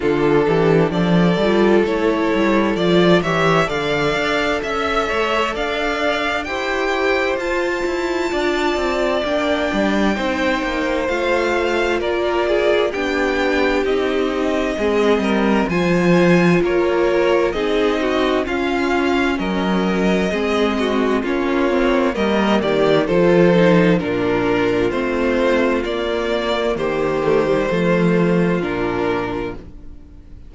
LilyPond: <<
  \new Staff \with { instrumentName = "violin" } { \time 4/4 \tempo 4 = 65 a'4 d''4 cis''4 d''8 e''8 | f''4 e''4 f''4 g''4 | a''2 g''2 | f''4 d''4 g''4 dis''4~ |
dis''4 gis''4 cis''4 dis''4 | f''4 dis''2 cis''4 | dis''8 d''8 c''4 ais'4 c''4 | d''4 c''2 ais'4 | }
  \new Staff \with { instrumentName = "violin" } { \time 4/4 f'8 g'8 a'2~ a'8 cis''8 | d''4 e''8 cis''8 d''4 c''4~ | c''4 d''2 c''4~ | c''4 ais'8 gis'8 g'2 |
gis'8 ais'8 c''4 ais'4 gis'8 fis'8 | f'4 ais'4 gis'8 fis'8 f'4 | ais'8 g'8 a'4 f'2~ | f'4 g'4 f'2 | }
  \new Staff \with { instrumentName = "viola" } { \time 4/4 d'4. f'8 e'4 f'8 g'8 | a'2. g'4 | f'2 d'4 dis'4 | f'2 d'4 dis'4 |
c'4 f'2 dis'4 | cis'2 c'4 cis'8 c'8 | ais4 f'8 dis'8 d'4 c'4 | ais4. a16 g16 a4 d'4 | }
  \new Staff \with { instrumentName = "cello" } { \time 4/4 d8 e8 f8 g8 a8 g8 f8 e8 | d8 d'8 cis'8 a8 d'4 e'4 | f'8 e'8 d'8 c'8 ais8 g8 c'8 ais8 | a4 ais4 b4 c'4 |
gis8 g8 f4 ais4 c'4 | cis'4 fis4 gis4 ais4 | g8 dis8 f4 ais,4 a4 | ais4 dis4 f4 ais,4 | }
>>